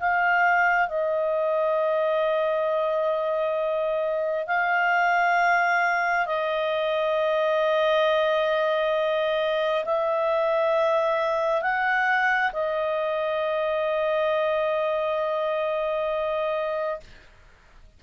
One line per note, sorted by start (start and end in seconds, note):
0.00 0.89 F5
0.89 4.47 D#5
4.48 6.27 F5
6.27 9.85 D#5
9.85 11.62 E5
11.62 12.52 F#5
12.53 17.01 D#5